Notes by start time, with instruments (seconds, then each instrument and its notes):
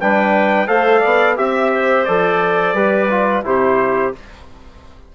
0.00 bassoon G3, trombone D4, clarinet B4, trumpet G5
0.67 bassoon A3, trombone A4, clarinet C5, trumpet F5
0.99 bassoon B3, clarinet D5
1.36 bassoon C4, trombone G4, clarinet E5, trumpet E5
1.72 clarinet C5
2.05 bassoon F3, trombone A4, trumpet D5
2.73 bassoon G3, trombone G4, clarinet B4
3.10 trombone F4
3.43 bassoon C3, trombone E4, clarinet G4, trumpet C5